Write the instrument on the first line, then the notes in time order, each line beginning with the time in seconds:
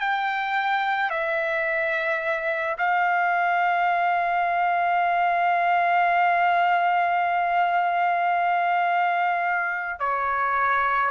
trumpet
0.00 G5
1.10 E5
2.78 F5
10.00 C#5